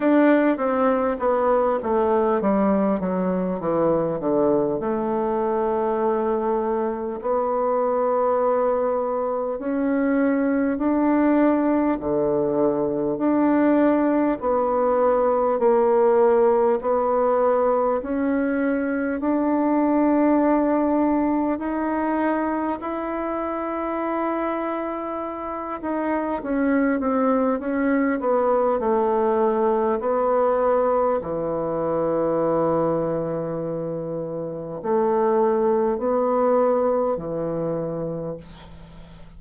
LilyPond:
\new Staff \with { instrumentName = "bassoon" } { \time 4/4 \tempo 4 = 50 d'8 c'8 b8 a8 g8 fis8 e8 d8 | a2 b2 | cis'4 d'4 d4 d'4 | b4 ais4 b4 cis'4 |
d'2 dis'4 e'4~ | e'4. dis'8 cis'8 c'8 cis'8 b8 | a4 b4 e2~ | e4 a4 b4 e4 | }